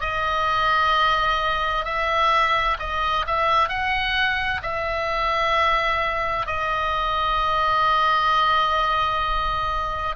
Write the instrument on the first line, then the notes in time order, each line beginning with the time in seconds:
oboe
0.00 D#5
1.85 E5
2.79 D#5
3.26 E5
3.68 F#5
4.62 E5
6.46 D#5